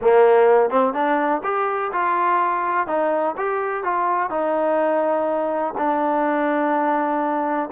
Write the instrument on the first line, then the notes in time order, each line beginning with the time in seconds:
trombone
0.01 A#3
0.70 C4
0.93 D4
1.43 G4
1.92 F4
2.87 D#4
3.37 G4
3.83 F4
4.30 D#4
5.77 D4